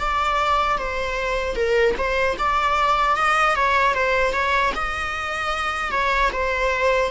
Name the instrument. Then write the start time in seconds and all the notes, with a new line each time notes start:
viola
0.00 D5
0.78 C5
1.56 A#4
1.98 C5
2.39 D5
3.16 D#5
3.56 C#5
3.94 C5
4.33 C#5
4.75 D#5
5.92 C#5
6.33 C5